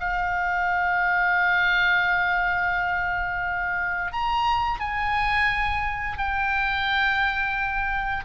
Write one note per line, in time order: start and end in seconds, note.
0.00 4.13 F5
4.13 4.80 A#5
4.80 6.18 G#5
6.18 8.25 G5